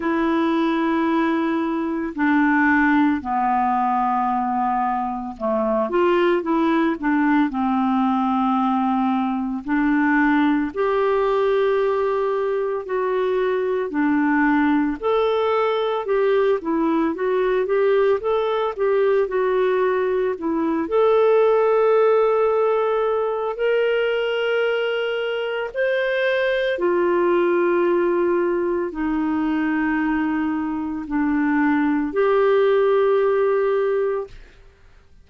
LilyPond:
\new Staff \with { instrumentName = "clarinet" } { \time 4/4 \tempo 4 = 56 e'2 d'4 b4~ | b4 a8 f'8 e'8 d'8 c'4~ | c'4 d'4 g'2 | fis'4 d'4 a'4 g'8 e'8 |
fis'8 g'8 a'8 g'8 fis'4 e'8 a'8~ | a'2 ais'2 | c''4 f'2 dis'4~ | dis'4 d'4 g'2 | }